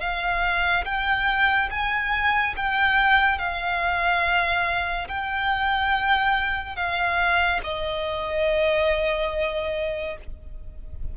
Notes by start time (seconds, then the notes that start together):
0.00 F5
0.85 G5
1.70 G#5
2.56 G5
3.38 F5
5.08 G5
6.76 F5
7.63 D#5